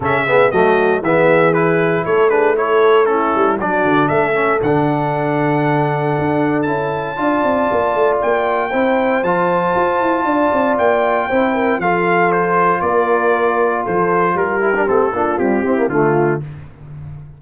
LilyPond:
<<
  \new Staff \with { instrumentName = "trumpet" } { \time 4/4 \tempo 4 = 117 e''4 dis''4 e''4 b'4 | cis''8 b'8 cis''4 a'4 d''4 | e''4 fis''2.~ | fis''4 a''2. |
g''2 a''2~ | a''4 g''2 f''4 | c''4 d''2 c''4 | ais'4 a'4 g'4 f'4 | }
  \new Staff \with { instrumentName = "horn" } { \time 4/4 a'8 gis'8 fis'4 gis'2 | a'8 gis'8 a'4 e'4 fis'4 | a'1~ | a'2 d''2~ |
d''4 c''2. | d''2 c''8 ais'8 a'4~ | a'4 ais'2 a'4 | g'4. f'4 e'8 f'4 | }
  \new Staff \with { instrumentName = "trombone" } { \time 4/4 cis'8 b8 a4 b4 e'4~ | e'8 d'8 e'4 cis'4 d'4~ | d'8 cis'8 d'2.~ | d'4 e'4 f'2~ |
f'4 e'4 f'2~ | f'2 e'4 f'4~ | f'1~ | f'8 e'16 d'16 c'8 d'8 g8 c'16 ais16 a4 | }
  \new Staff \with { instrumentName = "tuba" } { \time 4/4 cis4 fis4 e2 | a2~ a8 g8 fis8 d8 | a4 d2. | d'4 cis'4 d'8 c'8 ais8 a8 |
ais4 c'4 f4 f'8 e'8 | d'8 c'8 ais4 c'4 f4~ | f4 ais2 f4 | g4 a8 ais8 c'4 d4 | }
>>